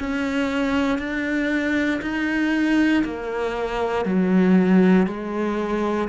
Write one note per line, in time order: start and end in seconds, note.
0.00 0.99 C#4
0.99 2.01 D4
2.02 3.04 D#4
3.05 4.06 A#3
4.06 5.07 F#3
5.07 6.09 G#3